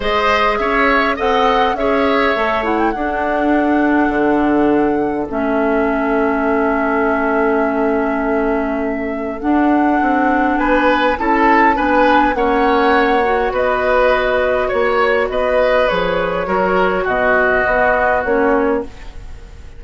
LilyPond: <<
  \new Staff \with { instrumentName = "flute" } { \time 4/4 \tempo 4 = 102 dis''4 e''4 fis''4 e''4~ | e''8 fis''16 g''16 fis''2.~ | fis''4 e''2.~ | e''1 |
fis''2 gis''4 a''4 | gis''4 fis''2 dis''4~ | dis''4 cis''4 dis''4 cis''4~ | cis''4 dis''2 cis''4 | }
  \new Staff \with { instrumentName = "oboe" } { \time 4/4 c''4 cis''4 dis''4 cis''4~ | cis''4 a'2.~ | a'1~ | a'1~ |
a'2 b'4 a'4 | b'4 cis''2 b'4~ | b'4 cis''4 b'2 | ais'4 fis'2. | }
  \new Staff \with { instrumentName = "clarinet" } { \time 4/4 gis'2 a'4 gis'4 | a'8 e'8 d'2.~ | d'4 cis'2.~ | cis'1 |
d'2. e'4 | d'4 cis'4. fis'4.~ | fis'2. gis'4 | fis'2 b4 cis'4 | }
  \new Staff \with { instrumentName = "bassoon" } { \time 4/4 gis4 cis'4 c'4 cis'4 | a4 d'2 d4~ | d4 a2.~ | a1 |
d'4 c'4 b4 cis'4 | b4 ais2 b4~ | b4 ais4 b4 f4 | fis4 b,4 b4 ais4 | }
>>